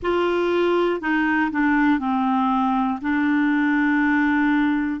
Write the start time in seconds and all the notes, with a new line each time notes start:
0.02 F4
1.00 D#4
1.51 D4
1.99 C4
3.01 D4